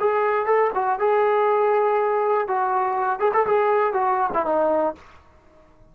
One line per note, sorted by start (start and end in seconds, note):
0.00 0.46 G#4
0.46 0.71 A4
0.74 0.99 F#4
0.99 2.48 G#4
2.48 3.20 F#4
3.20 3.32 G#4
3.34 3.46 A4
3.46 3.93 G#4
3.93 4.31 F#4
4.33 4.45 E4
4.45 4.95 D#4